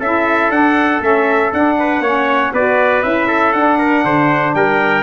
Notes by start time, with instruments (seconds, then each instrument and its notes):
0.00 tuba C#4, saxophone E4, trumpet A4 E5
0.50 tuba D4, saxophone D4, trumpet F#5
1.01 tuba A3, saxophone C#4, trumpet E5
1.53 tuba D4, saxophone D4, trumpet F#5
1.79 trumpet B4
2.00 tuba A#3, saxophone C#4, trumpet C#5
2.53 tuba B3, saxophone F#4, trumpet B4 D5
3.03 tuba C#4, saxophone E4, trumpet E5
3.27 trumpet A4
3.53 tuba D4, saxophone D4, trumpet F#5
3.78 trumpet A#4
4.04 tuba D3, trumpet C5
4.54 tuba G3, trumpet A#4 G5